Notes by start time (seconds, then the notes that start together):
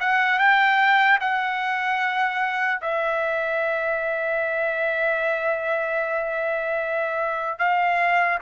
0.00 F#5
0.39 G5
1.20 F#5
2.82 E5
7.59 F5